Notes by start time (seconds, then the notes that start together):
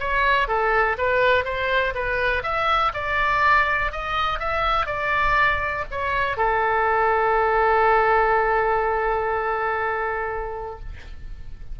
0.00 C#5
0.48 A4
0.98 B4
1.45 C5
1.95 B4
2.43 E5
2.94 D5
3.92 D#5
4.40 E5
4.86 D5
5.91 C#5
6.37 A4